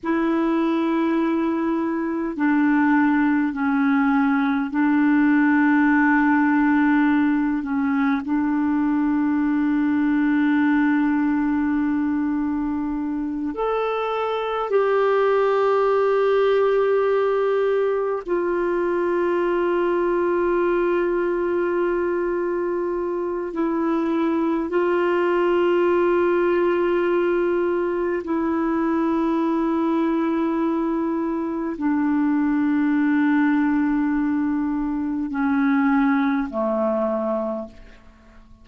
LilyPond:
\new Staff \with { instrumentName = "clarinet" } { \time 4/4 \tempo 4 = 51 e'2 d'4 cis'4 | d'2~ d'8 cis'8 d'4~ | d'2.~ d'8 a'8~ | a'8 g'2. f'8~ |
f'1 | e'4 f'2. | e'2. d'4~ | d'2 cis'4 a4 | }